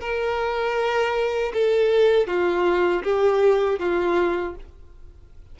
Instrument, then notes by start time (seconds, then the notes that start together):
violin
0.00 A#4
1.53 A4
2.26 F4
3.03 G4
3.79 F4